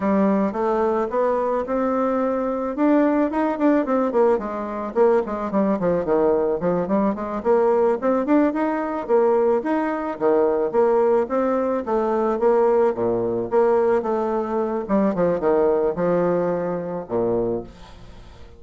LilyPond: \new Staff \with { instrumentName = "bassoon" } { \time 4/4 \tempo 4 = 109 g4 a4 b4 c'4~ | c'4 d'4 dis'8 d'8 c'8 ais8 | gis4 ais8 gis8 g8 f8 dis4 | f8 g8 gis8 ais4 c'8 d'8 dis'8~ |
dis'8 ais4 dis'4 dis4 ais8~ | ais8 c'4 a4 ais4 ais,8~ | ais,8 ais4 a4. g8 f8 | dis4 f2 ais,4 | }